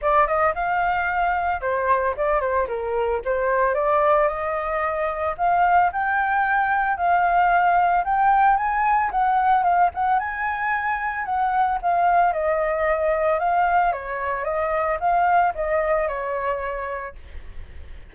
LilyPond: \new Staff \with { instrumentName = "flute" } { \time 4/4 \tempo 4 = 112 d''8 dis''8 f''2 c''4 | d''8 c''8 ais'4 c''4 d''4 | dis''2 f''4 g''4~ | g''4 f''2 g''4 |
gis''4 fis''4 f''8 fis''8 gis''4~ | gis''4 fis''4 f''4 dis''4~ | dis''4 f''4 cis''4 dis''4 | f''4 dis''4 cis''2 | }